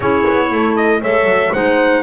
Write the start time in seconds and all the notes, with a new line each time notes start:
0.00 C#4 E4 G#4 C#5
0.27 B3
0.51 A3 A4
0.75 D#5
1.00 G#3 A4 C#5 E5
1.24 F#3
1.52 G#3 D#4 C5 F#5